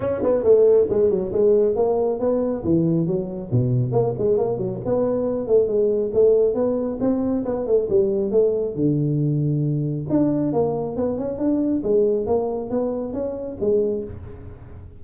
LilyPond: \new Staff \with { instrumentName = "tuba" } { \time 4/4 \tempo 4 = 137 cis'8 b8 a4 gis8 fis8 gis4 | ais4 b4 e4 fis4 | b,4 ais8 gis8 ais8 fis8 b4~ | b8 a8 gis4 a4 b4 |
c'4 b8 a8 g4 a4 | d2. d'4 | ais4 b8 cis'8 d'4 gis4 | ais4 b4 cis'4 gis4 | }